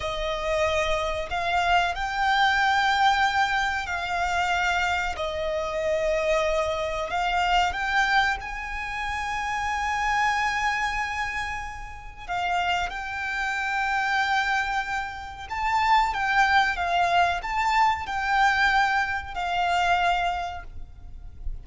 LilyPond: \new Staff \with { instrumentName = "violin" } { \time 4/4 \tempo 4 = 93 dis''2 f''4 g''4~ | g''2 f''2 | dis''2. f''4 | g''4 gis''2.~ |
gis''2. f''4 | g''1 | a''4 g''4 f''4 a''4 | g''2 f''2 | }